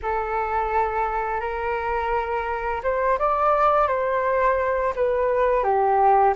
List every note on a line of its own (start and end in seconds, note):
0.02 1.40 A4
1.40 2.81 A#4
2.83 3.18 C5
3.18 3.87 D5
3.87 4.93 C5
4.95 5.63 B4
5.63 6.34 G4